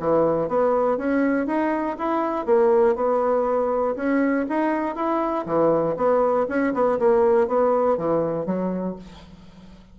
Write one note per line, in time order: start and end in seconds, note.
0.00 0.48 E3
0.48 0.98 B3
0.98 1.47 C#4
1.47 1.97 D#4
1.98 2.46 E4
2.46 2.96 A#3
2.96 3.96 B3
3.96 4.46 C#4
4.50 4.96 D#4
4.96 5.46 E4
5.46 5.96 E3
5.97 6.47 B3
6.49 6.74 C#4
6.74 6.99 B3
6.99 7.48 A#3
7.48 7.98 B3
7.98 8.46 E3
8.46 8.96 F#3